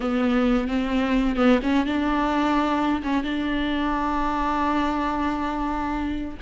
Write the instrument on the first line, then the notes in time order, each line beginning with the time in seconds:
viola
0.00 B3
0.68 C4
1.36 B3
1.62 C#4
1.86 D4
3.03 C#4
3.23 D4